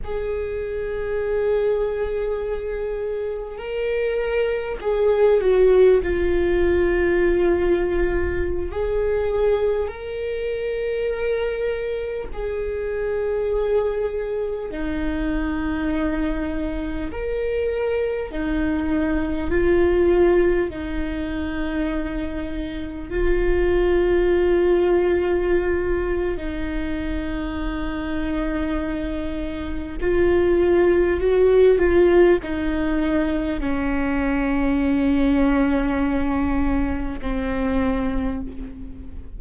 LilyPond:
\new Staff \with { instrumentName = "viola" } { \time 4/4 \tempo 4 = 50 gis'2. ais'4 | gis'8 fis'8 f'2~ f'16 gis'8.~ | gis'16 ais'2 gis'4.~ gis'16~ | gis'16 dis'2 ais'4 dis'8.~ |
dis'16 f'4 dis'2 f'8.~ | f'2 dis'2~ | dis'4 f'4 fis'8 f'8 dis'4 | cis'2. c'4 | }